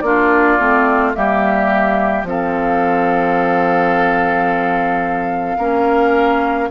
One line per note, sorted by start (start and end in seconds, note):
0.00 0.57 A#3
0.00 0.59 D4
0.00 1.16 F4
0.00 1.11 D5
0.59 1.15 A3
0.59 1.14 C4
1.14 2.23 G3
1.14 2.25 A#3
1.14 2.28 G4
1.14 2.25 E5
2.23 5.56 F3
2.23 5.59 C4
2.23 5.57 A4
2.23 6.71 F5
5.57 6.69 A#3
5.57 6.71 C#4
5.57 6.69 A#4